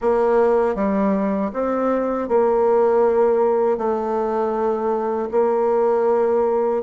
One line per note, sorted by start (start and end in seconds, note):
0.01 0.75 A#3
0.75 1.51 G3
1.53 2.28 C4
2.28 3.77 A#3
3.77 5.29 A3
5.31 6.83 A#3